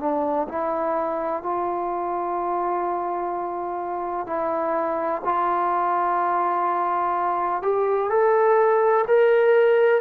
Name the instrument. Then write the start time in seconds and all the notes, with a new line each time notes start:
trombone
0.00 D4
0.49 E4
1.43 F4
4.27 E4
5.25 F4
7.63 G4
8.10 A4
9.08 A#4